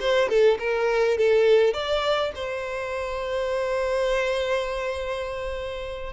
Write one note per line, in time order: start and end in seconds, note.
0.00 0.29 C5
0.29 0.58 A4
0.59 1.18 A#4
1.18 1.74 A4
1.74 2.32 D5
2.35 6.13 C5